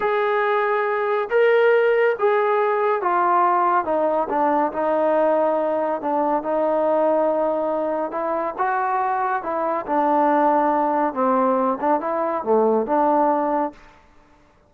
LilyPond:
\new Staff \with { instrumentName = "trombone" } { \time 4/4 \tempo 4 = 140 gis'2. ais'4~ | ais'4 gis'2 f'4~ | f'4 dis'4 d'4 dis'4~ | dis'2 d'4 dis'4~ |
dis'2. e'4 | fis'2 e'4 d'4~ | d'2 c'4. d'8 | e'4 a4 d'2 | }